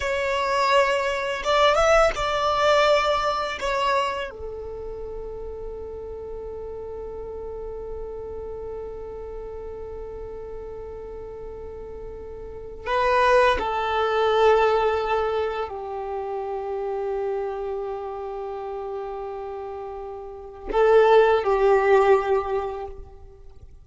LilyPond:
\new Staff \with { instrumentName = "violin" } { \time 4/4 \tempo 4 = 84 cis''2 d''8 e''8 d''4~ | d''4 cis''4 a'2~ | a'1~ | a'1~ |
a'2 b'4 a'4~ | a'2 g'2~ | g'1~ | g'4 a'4 g'2 | }